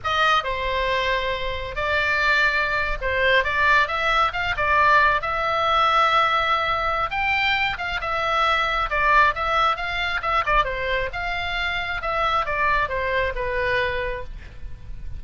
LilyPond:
\new Staff \with { instrumentName = "oboe" } { \time 4/4 \tempo 4 = 135 dis''4 c''2. | d''2~ d''8. c''4 d''16~ | d''8. e''4 f''8 d''4. e''16~ | e''1 |
g''4. f''8 e''2 | d''4 e''4 f''4 e''8 d''8 | c''4 f''2 e''4 | d''4 c''4 b'2 | }